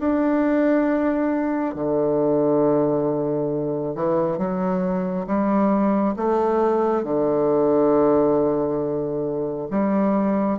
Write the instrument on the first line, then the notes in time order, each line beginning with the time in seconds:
bassoon
0.00 D4
1.75 D3
3.95 E3
4.38 F#3
5.27 G3
6.16 A3
7.04 D3
9.71 G3